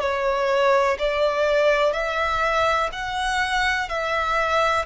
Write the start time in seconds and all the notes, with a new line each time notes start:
0.00 C#5
0.99 D5
1.93 E5
2.92 F#5
3.88 E5